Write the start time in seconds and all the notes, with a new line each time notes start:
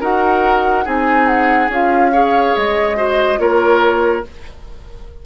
0.00 D#4 F#4 A#4 F#5
0.84 C4 D#4 G#4 G#5
1.27 F#5
1.69 C#4 F4 F5
2.12 G#4 C#5
2.56 G#3 D#5
2.95 F#4 C5
3.37 A#3 F4 A#4 C#5